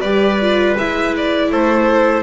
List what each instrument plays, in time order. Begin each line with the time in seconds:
0.00 double bass G3, viola G4, trumpet B4, violin D5
0.41 viola F4
0.77 double bass G#3, viola E4, violin E5
1.16 violin D5
1.50 double bass A3, trumpet A4, violin C5